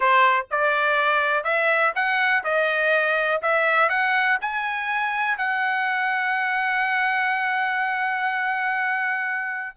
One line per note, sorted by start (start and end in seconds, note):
0.00 0.46 C5
0.50 1.44 D5
1.44 1.92 E5
1.95 2.43 F#5
2.44 3.41 D#5
3.42 3.89 E5
3.89 4.38 F#5
4.41 5.37 G#5
5.37 9.76 F#5